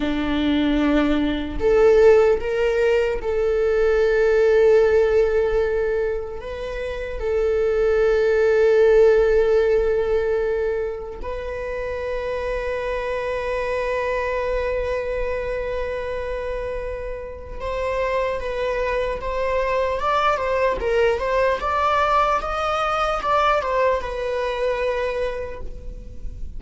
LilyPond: \new Staff \with { instrumentName = "viola" } { \time 4/4 \tempo 4 = 75 d'2 a'4 ais'4 | a'1 | b'4 a'2.~ | a'2 b'2~ |
b'1~ | b'2 c''4 b'4 | c''4 d''8 c''8 ais'8 c''8 d''4 | dis''4 d''8 c''8 b'2 | }